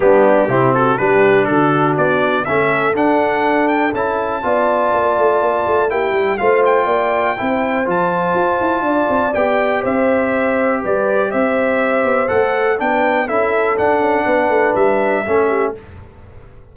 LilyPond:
<<
  \new Staff \with { instrumentName = "trumpet" } { \time 4/4 \tempo 4 = 122 g'4. a'8 b'4 a'4 | d''4 e''4 fis''4. g''8 | a''1 | g''4 f''8 g''2~ g''8 |
a''2. g''4 | e''2 d''4 e''4~ | e''4 fis''4 g''4 e''4 | fis''2 e''2 | }
  \new Staff \with { instrumentName = "horn" } { \time 4/4 d'4 e'8 fis'8 g'4 fis'4~ | fis'4 a'2.~ | a'4 d''2. | g'4 c''4 d''4 c''4~ |
c''2 d''2 | c''2 b'4 c''4~ | c''2 b'4 a'4~ | a'4 b'2 a'8 g'8 | }
  \new Staff \with { instrumentName = "trombone" } { \time 4/4 b4 c'4 d'2~ | d'4 cis'4 d'2 | e'4 f'2. | e'4 f'2 e'4 |
f'2. g'4~ | g'1~ | g'4 a'4 d'4 e'4 | d'2. cis'4 | }
  \new Staff \with { instrumentName = "tuba" } { \time 4/4 g4 c4 g4 d4 | b4 a4 d'2 | cis'4 b4 ais8 a8 ais8 a8 | ais8 g8 a4 ais4 c'4 |
f4 f'8 e'8 d'8 c'8 b4 | c'2 g4 c'4~ | c'8 b8 a4 b4 cis'4 | d'8 cis'8 b8 a8 g4 a4 | }
>>